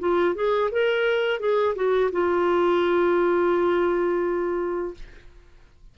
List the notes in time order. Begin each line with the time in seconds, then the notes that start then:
0.00 F4
0.36 G#4
0.72 A#4
1.40 G#4
1.76 F#4
2.12 F4